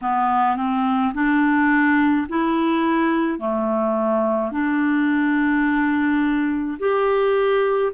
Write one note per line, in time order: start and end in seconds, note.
0.01 0.56 B3
0.56 1.13 C4
1.13 2.26 D4
2.28 3.39 E4
3.39 4.51 A3
4.51 6.78 D4
6.79 7.92 G4